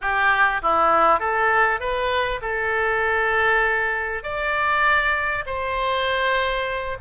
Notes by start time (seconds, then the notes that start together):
0.01 G4
0.62 E4
1.19 A4
1.80 B4
2.41 A4
4.23 D5
5.46 C5